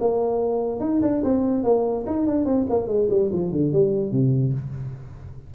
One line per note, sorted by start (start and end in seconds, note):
0.00 0.80 A#3
0.80 1.01 D#4
1.02 1.23 D4
1.23 1.63 C4
1.63 2.05 A#3
2.06 2.26 D#4
2.26 2.45 D4
2.45 2.66 C4
2.70 2.87 A#3
2.87 3.08 G#3
3.10 3.30 G3
3.32 3.52 F3
3.52 3.72 D3
3.72 4.12 G3
4.12 4.53 C3